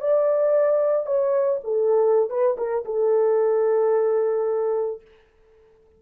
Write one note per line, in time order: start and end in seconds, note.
0.00 1.06 D5
1.06 1.60 C#5
1.64 2.29 A4
2.29 2.56 B4
2.57 2.84 A#4
2.85 5.01 A4